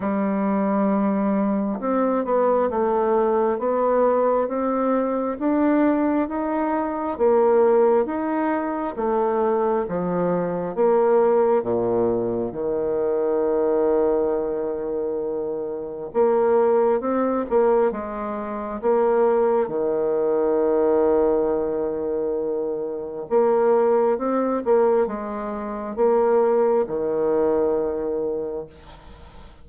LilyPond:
\new Staff \with { instrumentName = "bassoon" } { \time 4/4 \tempo 4 = 67 g2 c'8 b8 a4 | b4 c'4 d'4 dis'4 | ais4 dis'4 a4 f4 | ais4 ais,4 dis2~ |
dis2 ais4 c'8 ais8 | gis4 ais4 dis2~ | dis2 ais4 c'8 ais8 | gis4 ais4 dis2 | }